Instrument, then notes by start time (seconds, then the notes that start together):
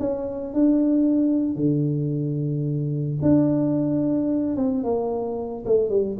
tuba
0.00 C#4
0.54 D4
1.56 D3
3.23 D4
4.57 C4
4.84 A#3
5.66 A3
5.90 G3